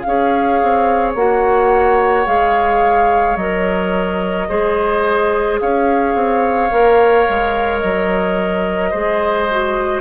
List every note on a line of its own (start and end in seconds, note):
0.00 0.61 C#4
0.00 1.17 G#4
0.00 1.11 F5
0.07 4.49 C#5
0.62 1.15 C4
1.15 2.26 A#3
1.15 2.25 F#4
1.15 2.26 F#5
2.25 3.36 G#3
2.25 3.36 G#4
2.25 3.36 F5
3.36 4.47 F#3
3.36 4.48 A#4
3.36 5.59 D#5
4.48 5.60 G#3
4.48 6.70 G#4
4.48 5.60 C5
5.60 6.14 C#4
5.60 8.90 C#5
5.60 7.79 F5
6.14 6.70 C4
6.70 7.27 A#3
6.70 8.92 A#4
7.29 7.83 G#3
7.79 8.93 F#3
7.79 10.00 D#5
8.90 10.00 G#3
8.90 9.48 G#4
8.90 10.00 C5
9.50 10.00 F#4